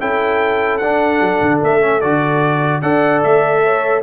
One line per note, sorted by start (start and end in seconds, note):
0.00 0.82 C#4
0.00 0.81 E4
0.00 2.81 A4
0.00 0.78 G5
0.78 1.20 D4
0.78 1.81 D4
0.78 1.58 F#5
1.20 1.41 F#3
1.42 1.62 D3
1.63 2.03 A3
1.63 2.01 E5
1.81 2.01 C#4
2.01 2.82 D3
2.01 2.82 F#4
2.01 2.81 D5
2.81 3.23 D4
2.81 4.03 A4
2.81 3.62 D5
2.81 3.22 F#5
3.23 4.03 A3
3.23 4.03 E5
3.63 4.03 C#5